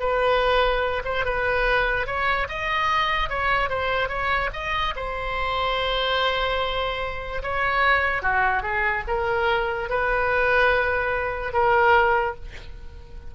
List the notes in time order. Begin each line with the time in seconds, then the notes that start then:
0.00 B4
1.05 C5
1.25 B4
2.07 C#5
2.49 D#5
3.30 C#5
3.69 C5
4.09 C#5
4.53 D#5
4.96 C5
7.43 C#5
8.22 F#4
8.63 G#4
9.07 A#4
9.90 B4
11.53 A#4